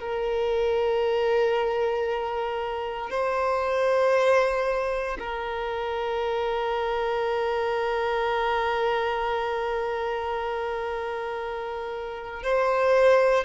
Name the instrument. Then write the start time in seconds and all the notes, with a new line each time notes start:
violin
0.00 A#4
3.11 C5
5.20 A#4
12.43 C5